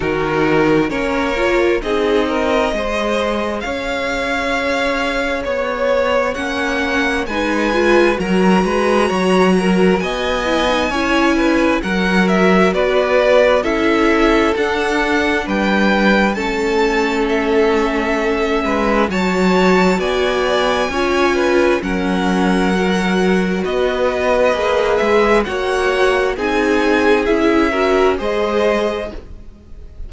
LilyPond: <<
  \new Staff \with { instrumentName = "violin" } { \time 4/4 \tempo 4 = 66 ais'4 cis''4 dis''2 | f''2 cis''4 fis''4 | gis''4 ais''2 gis''4~ | gis''4 fis''8 e''8 d''4 e''4 |
fis''4 g''4 a''4 e''4~ | e''4 a''4 gis''2 | fis''2 dis''4. e''8 | fis''4 gis''4 e''4 dis''4 | }
  \new Staff \with { instrumentName = "violin" } { \time 4/4 fis'4 ais'4 gis'8 ais'8 c''4 | cis''1 | b'4 ais'8 b'8 cis''8 ais'8 dis''4 | cis''8 b'8 ais'4 b'4 a'4~ |
a'4 b'4 a'2~ | a'8 b'8 cis''4 d''4 cis''8 b'8 | ais'2 b'2 | cis''4 gis'4. ais'8 c''4 | }
  \new Staff \with { instrumentName = "viola" } { \time 4/4 dis'4 cis'8 f'8 dis'4 gis'4~ | gis'2. cis'4 | dis'8 f'8 fis'2~ fis'8 e'16 dis'16 | e'4 fis'2 e'4 |
d'2 cis'2~ | cis'4 fis'2 f'4 | cis'4 fis'2 gis'4 | fis'4 dis'4 e'8 fis'8 gis'4 | }
  \new Staff \with { instrumentName = "cello" } { \time 4/4 dis4 ais4 c'4 gis4 | cis'2 b4 ais4 | gis4 fis8 gis8 fis4 b4 | cis'4 fis4 b4 cis'4 |
d'4 g4 a2~ | a8 gis8 fis4 b4 cis'4 | fis2 b4 ais8 gis8 | ais4 c'4 cis'4 gis4 | }
>>